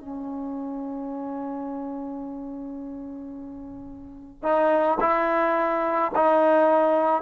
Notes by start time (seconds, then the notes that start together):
0.00 C#4
4.42 D#4
5.00 E4
6.15 D#4